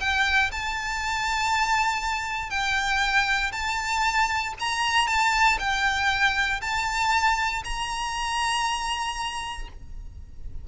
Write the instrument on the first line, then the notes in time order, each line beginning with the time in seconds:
violin
0.00 G5
0.52 A5
2.50 G5
3.52 A5
4.60 A#5
5.07 A5
5.59 G5
6.61 A5
7.65 A#5